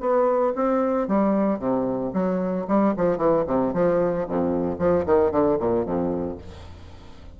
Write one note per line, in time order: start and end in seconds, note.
0.00 0.53 B3
0.55 1.08 C4
1.08 1.59 G3
1.59 2.12 C3
2.13 2.66 F#3
2.67 2.94 G3
2.97 3.17 F3
3.17 3.44 E3
3.47 3.73 C3
3.73 4.26 F3
4.28 4.78 F2
4.78 5.05 F3
5.05 5.31 D#3
5.31 5.57 D3
5.59 5.85 A#2
5.85 6.38 F2